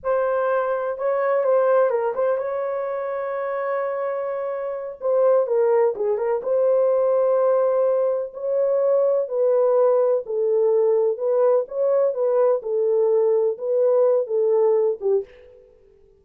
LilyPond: \new Staff \with { instrumentName = "horn" } { \time 4/4 \tempo 4 = 126 c''2 cis''4 c''4 | ais'8 c''8 cis''2.~ | cis''2~ cis''8 c''4 ais'8~ | ais'8 gis'8 ais'8 c''2~ c''8~ |
c''4. cis''2 b'8~ | b'4. a'2 b'8~ | b'8 cis''4 b'4 a'4.~ | a'8 b'4. a'4. g'8 | }